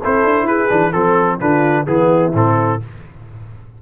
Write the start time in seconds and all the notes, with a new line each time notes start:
0.00 C4 E4 A4 C5
0.24 D4
0.43 E4 G#4 B4
0.69 E3 D4
0.92 F3 C4 A4
1.40 D3 D4 F4 B4
1.86 E3 B3 E4 G#4
2.34 A2 C4 A4